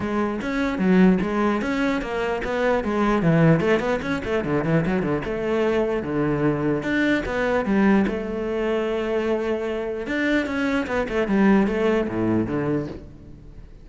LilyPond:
\new Staff \with { instrumentName = "cello" } { \time 4/4 \tempo 4 = 149 gis4 cis'4 fis4 gis4 | cis'4 ais4 b4 gis4 | e4 a8 b8 cis'8 a8 d8 e8 | fis8 d8 a2 d4~ |
d4 d'4 b4 g4 | a1~ | a4 d'4 cis'4 b8 a8 | g4 a4 a,4 d4 | }